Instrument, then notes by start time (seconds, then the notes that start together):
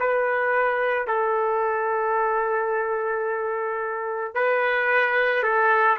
trumpet
0.00 B4
1.08 A4
4.35 B4
5.43 A4